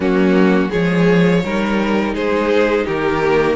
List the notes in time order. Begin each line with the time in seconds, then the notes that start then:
0.00 F#3 A#3 C#4 F#4
0.69 F3 G#3 G#4 C#5
1.44 G3 D#4 A#4
2.14 G#3 G#4 C5
2.85 D#3 G4 A#4
3.22 A#3